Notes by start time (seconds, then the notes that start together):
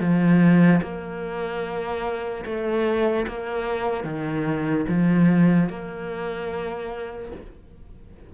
0.00 F3
0.83 A#3
2.45 A3
3.28 A#3
4.04 D#3
4.88 F3
5.69 A#3